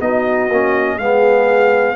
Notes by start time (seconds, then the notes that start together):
0.00 B3 D#4 F#4 D#5
0.49 A#3 C#4
0.97 G#3 B3 G#4 F5